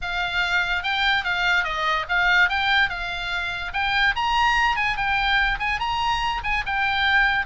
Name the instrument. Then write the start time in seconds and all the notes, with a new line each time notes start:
oboe
0.01 F5
0.83 G5
1.24 F5
1.64 D#5
2.08 F5
2.49 G5
2.89 F5
3.73 G5
4.15 A#5
4.76 G#5
4.96 G5
5.59 G#5
5.79 A#5
6.43 G#5
6.66 G5